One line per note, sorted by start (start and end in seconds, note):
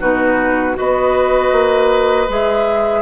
0.00 0.77 B2
0.00 0.74 D#4
0.00 0.76 F#4
0.00 0.76 B4
0.74 1.52 B3
0.74 2.26 F#4
0.74 3.02 B4
0.74 2.30 D#5
1.52 2.28 A#3
2.28 3.02 G#3
2.28 3.02 G#4
2.28 3.02 E5